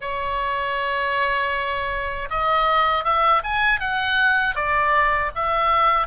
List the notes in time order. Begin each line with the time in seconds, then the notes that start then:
0.00 C#5
2.30 D#5
3.04 E5
3.43 G#5
3.79 F#5
4.55 D5
5.35 E5